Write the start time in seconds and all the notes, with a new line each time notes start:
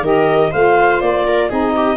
0.00 D#3 G4 A#4 D#5
0.50 A3 F4 C5 F5
1.01 A#3 D5
1.26 A#4
1.49 C4 D#4 G#4 D#5
1.76 G4